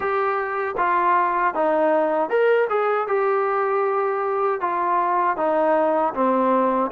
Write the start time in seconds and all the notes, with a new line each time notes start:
0.00 G4
0.77 F4
1.54 D#4
2.29 A#4
2.69 G#4
3.07 G4
4.60 F4
5.36 D#4
6.14 C4